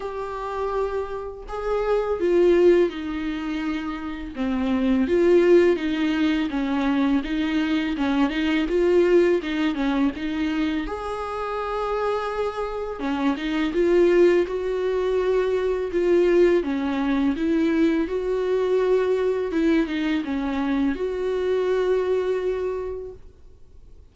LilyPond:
\new Staff \with { instrumentName = "viola" } { \time 4/4 \tempo 4 = 83 g'2 gis'4 f'4 | dis'2 c'4 f'4 | dis'4 cis'4 dis'4 cis'8 dis'8 | f'4 dis'8 cis'8 dis'4 gis'4~ |
gis'2 cis'8 dis'8 f'4 | fis'2 f'4 cis'4 | e'4 fis'2 e'8 dis'8 | cis'4 fis'2. | }